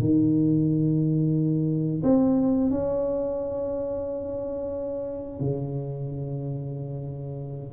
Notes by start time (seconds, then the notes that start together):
0.00 D#3
2.03 C4
2.70 C#4
5.40 C#3